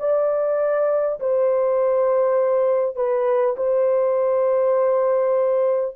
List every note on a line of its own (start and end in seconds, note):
0.00 1.20 D5
1.21 2.96 C5
2.96 3.56 B4
3.57 5.96 C5